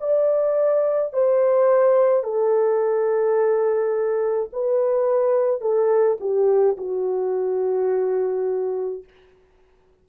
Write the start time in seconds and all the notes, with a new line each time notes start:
0.00 D5
1.13 C5
2.23 A4
4.52 B4
5.61 A4
6.20 G4
6.77 F#4